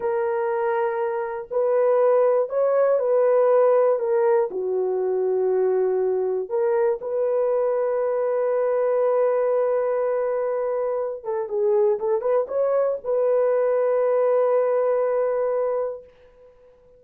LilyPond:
\new Staff \with { instrumentName = "horn" } { \time 4/4 \tempo 4 = 120 ais'2. b'4~ | b'4 cis''4 b'2 | ais'4 fis'2.~ | fis'4 ais'4 b'2~ |
b'1~ | b'2~ b'8 a'8 gis'4 | a'8 b'8 cis''4 b'2~ | b'1 | }